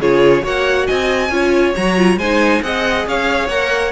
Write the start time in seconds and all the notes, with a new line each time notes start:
0.00 C#3 F4 G#4 C#5
0.42 A#3 F#4 C#5 F#5
0.87 C4 D#5 G#5
1.29 C#4 F4 C#5
1.76 F#3 F#4 A#5
1.97 F4
2.17 G#3 D#4 C5 G#5
2.62 C4 G#4 D#5 F#5
3.07 C#4 C#5 F5
3.48 A#3 A#4 F#5